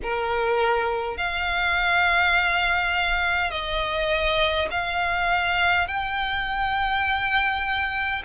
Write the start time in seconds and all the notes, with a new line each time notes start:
0.03 A#4
1.17 F5
3.50 D#5
4.71 F5
5.87 G5